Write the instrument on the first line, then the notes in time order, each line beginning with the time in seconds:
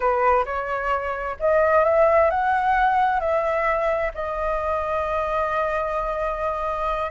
flute
0.00 B4
0.45 C#5
1.39 D#5
1.84 E5
2.30 F#5
3.20 E5
4.14 D#5